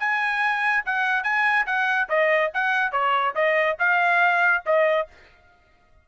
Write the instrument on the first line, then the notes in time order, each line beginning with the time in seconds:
trumpet
0.00 G#5
0.86 F#5
1.24 G#5
1.67 F#5
2.10 D#5
2.54 F#5
2.92 C#5
3.35 D#5
3.80 F5
4.66 D#5